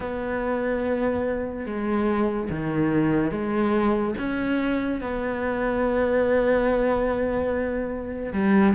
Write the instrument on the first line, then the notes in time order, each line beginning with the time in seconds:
cello
0.00 B3
1.66 G#3
2.50 D#3
3.31 G#3
4.17 C#4
5.00 B3
8.33 G3